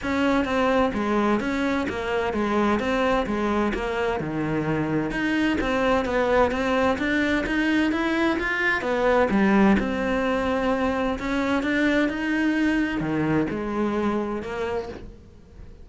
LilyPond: \new Staff \with { instrumentName = "cello" } { \time 4/4 \tempo 4 = 129 cis'4 c'4 gis4 cis'4 | ais4 gis4 c'4 gis4 | ais4 dis2 dis'4 | c'4 b4 c'4 d'4 |
dis'4 e'4 f'4 b4 | g4 c'2. | cis'4 d'4 dis'2 | dis4 gis2 ais4 | }